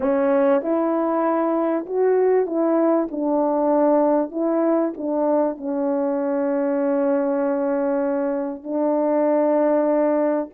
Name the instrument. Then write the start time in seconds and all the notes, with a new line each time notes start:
horn
0.00 C#4
0.62 E4
1.86 F#4
2.46 E4
3.11 D4
4.31 E4
4.97 D4
5.57 C#4
8.63 D4